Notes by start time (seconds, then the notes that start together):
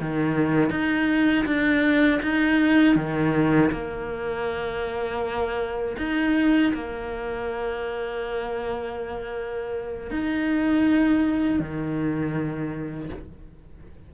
0.00 D#3
0.70 D#4
1.45 D4
2.22 D#4
2.95 D#3
3.71 A#3
5.98 D#4
6.74 A#3
10.10 D#4
11.59 D#3